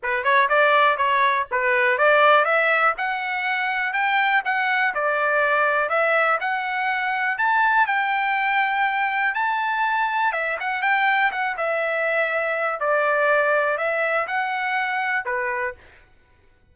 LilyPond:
\new Staff \with { instrumentName = "trumpet" } { \time 4/4 \tempo 4 = 122 b'8 cis''8 d''4 cis''4 b'4 | d''4 e''4 fis''2 | g''4 fis''4 d''2 | e''4 fis''2 a''4 |
g''2. a''4~ | a''4 e''8 fis''8 g''4 fis''8 e''8~ | e''2 d''2 | e''4 fis''2 b'4 | }